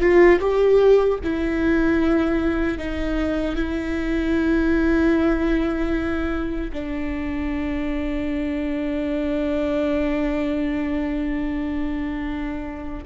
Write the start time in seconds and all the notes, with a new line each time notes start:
0.00 F4
0.40 G4
1.23 E4
2.78 D#4
3.55 E4
6.72 D4